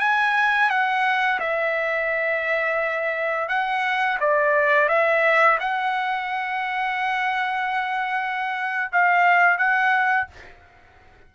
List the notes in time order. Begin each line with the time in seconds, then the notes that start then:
0.00 G#5
0.70 F#5
1.40 E5
3.49 F#5
4.21 D5
4.89 E5
5.60 F#5
8.92 F5
9.58 F#5